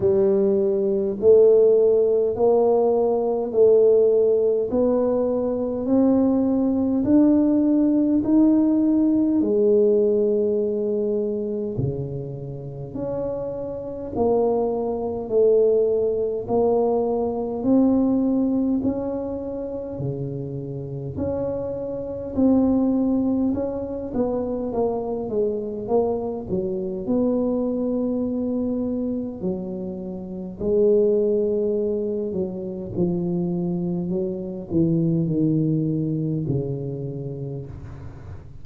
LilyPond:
\new Staff \with { instrumentName = "tuba" } { \time 4/4 \tempo 4 = 51 g4 a4 ais4 a4 | b4 c'4 d'4 dis'4 | gis2 cis4 cis'4 | ais4 a4 ais4 c'4 |
cis'4 cis4 cis'4 c'4 | cis'8 b8 ais8 gis8 ais8 fis8 b4~ | b4 fis4 gis4. fis8 | f4 fis8 e8 dis4 cis4 | }